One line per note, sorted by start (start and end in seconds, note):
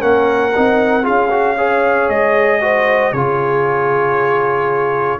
0.00 0.55 A#3
0.00 0.52 C#4
0.00 1.04 A#4
0.00 1.06 F#5
0.55 1.07 C4
0.55 1.03 D#4
1.03 2.09 C#4
1.03 1.29 F4
1.03 1.55 G#4
1.03 2.09 F5
1.31 1.57 F#4
1.58 2.61 G#4
1.58 2.61 C#5
2.09 3.13 G#3
2.09 3.13 D#5
2.61 3.13 F#4
2.61 3.14 C5
3.13 5.20 C#3
3.13 5.20 F4
3.13 5.20 G#4
3.13 5.20 C#5